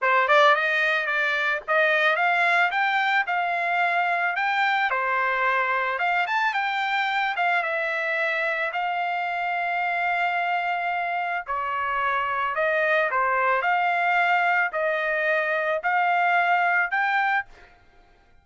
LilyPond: \new Staff \with { instrumentName = "trumpet" } { \time 4/4 \tempo 4 = 110 c''8 d''8 dis''4 d''4 dis''4 | f''4 g''4 f''2 | g''4 c''2 f''8 a''8 | g''4. f''8 e''2 |
f''1~ | f''4 cis''2 dis''4 | c''4 f''2 dis''4~ | dis''4 f''2 g''4 | }